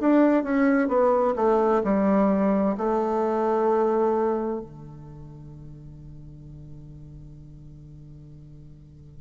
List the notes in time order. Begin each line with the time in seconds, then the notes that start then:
0.00 D4
0.44 C#4
0.88 B3
1.36 A3
1.84 G3
2.77 A3
4.60 D3